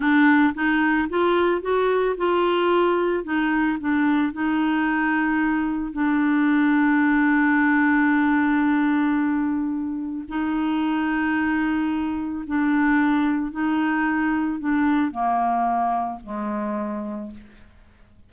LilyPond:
\new Staff \with { instrumentName = "clarinet" } { \time 4/4 \tempo 4 = 111 d'4 dis'4 f'4 fis'4 | f'2 dis'4 d'4 | dis'2. d'4~ | d'1~ |
d'2. dis'4~ | dis'2. d'4~ | d'4 dis'2 d'4 | ais2 gis2 | }